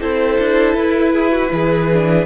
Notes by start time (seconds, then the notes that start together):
0.00 C4 E4 A4 C5
0.38 D4
0.74 E4 B4
1.12 G#4
1.31 F#4
1.51 E3 G#4
1.93 D4